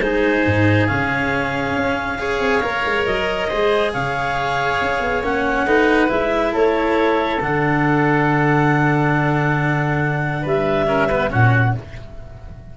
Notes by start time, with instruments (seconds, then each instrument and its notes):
0.00 tuba G#3, cello D#4, oboe G#4, clarinet C5
0.46 tuba G#2
0.87 tuba C#3, cello C#4, clarinet F5
1.77 tuba C#4
2.19 cello G#4, oboe C#5
2.40 tuba C4
2.62 tuba A#3, cello A#4
2.86 tuba G#3
3.06 tuba F#3, clarinet D#5
3.49 tuba G#3, cello G#4, oboe C5
3.93 tuba C#3, oboe C#5, clarinet F5
4.81 tuba C#4
5.00 tuba B3
5.22 tuba A#3, cello C#4, clarinet F#5
5.66 tuba A3, cello D#4, oboe B4
6.08 tuba G#3, cello E4, clarinet E5
6.52 tuba A3, oboe A4, clarinet C#5
7.41 tuba D3, cello D4, clarinet F#5
10.42 tuba G3, oboe B4, clarinet E5
10.87 cello C#4, oboe A#4
11.08 cello B3, oboe B4
11.30 tuba A#2, cello C#4, oboe F#4, clarinet F#5